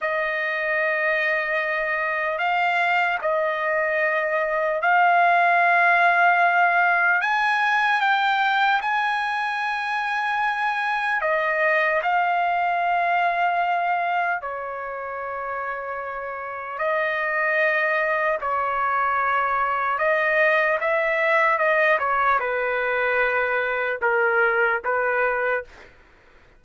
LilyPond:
\new Staff \with { instrumentName = "trumpet" } { \time 4/4 \tempo 4 = 75 dis''2. f''4 | dis''2 f''2~ | f''4 gis''4 g''4 gis''4~ | gis''2 dis''4 f''4~ |
f''2 cis''2~ | cis''4 dis''2 cis''4~ | cis''4 dis''4 e''4 dis''8 cis''8 | b'2 ais'4 b'4 | }